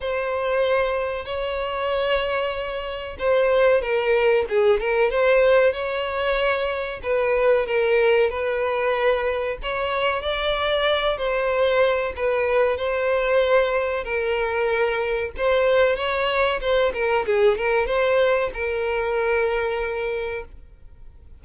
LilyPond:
\new Staff \with { instrumentName = "violin" } { \time 4/4 \tempo 4 = 94 c''2 cis''2~ | cis''4 c''4 ais'4 gis'8 ais'8 | c''4 cis''2 b'4 | ais'4 b'2 cis''4 |
d''4. c''4. b'4 | c''2 ais'2 | c''4 cis''4 c''8 ais'8 gis'8 ais'8 | c''4 ais'2. | }